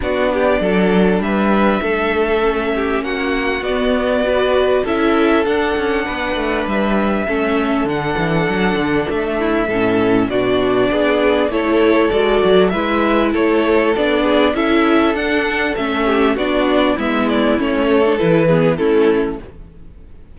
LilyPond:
<<
  \new Staff \with { instrumentName = "violin" } { \time 4/4 \tempo 4 = 99 d''2 e''2~ | e''4 fis''4 d''2 | e''4 fis''2 e''4~ | e''4 fis''2 e''4~ |
e''4 d''2 cis''4 | d''4 e''4 cis''4 d''4 | e''4 fis''4 e''4 d''4 | e''8 d''8 cis''4 b'4 a'4 | }
  \new Staff \with { instrumentName = "violin" } { \time 4/4 fis'8 g'8 a'4 b'4 a'4~ | a'8 g'8 fis'2 b'4 | a'2 b'2 | a'2.~ a'8 e'8 |
a'4 fis'4 gis'4 a'4~ | a'4 b'4 a'4. gis'8 | a'2~ a'8 g'8 fis'4 | e'4. a'4 gis'8 e'4 | }
  \new Staff \with { instrumentName = "viola" } { \time 4/4 d'1 | cis'2 b4 fis'4 | e'4 d'2. | cis'4 d'2. |
cis'4 d'2 e'4 | fis'4 e'2 d'4 | e'4 d'4 cis'4 d'4 | b4 cis'8. d'16 e'8 b8 cis'4 | }
  \new Staff \with { instrumentName = "cello" } { \time 4/4 b4 fis4 g4 a4~ | a4 ais4 b2 | cis'4 d'8 cis'8 b8 a8 g4 | a4 d8 e8 fis8 d8 a4 |
a,4 b,4 b4 a4 | gis8 fis8 gis4 a4 b4 | cis'4 d'4 a4 b4 | gis4 a4 e4 a4 | }
>>